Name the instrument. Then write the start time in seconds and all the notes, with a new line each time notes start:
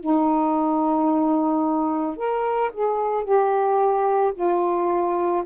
saxophone
0.00 D#4
2.17 A#4
2.73 G#4
3.24 G4
4.35 F4